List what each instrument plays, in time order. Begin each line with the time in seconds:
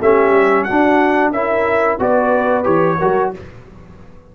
0.00 tuba A3, trombone C#4, horn G4, trumpet E5
0.31 tuba G3
0.63 trombone D4, horn F#4, trumpet F#5
0.69 tuba D4
1.31 tuba C#4, trombone E4, horn A#4, trumpet E5
1.99 tuba B3, trombone F#4, horn B4, trumpet D5
2.63 tuba E3, trombone G4, trumpet C#5
2.98 tuba F#3, trombone F#4, horn A#4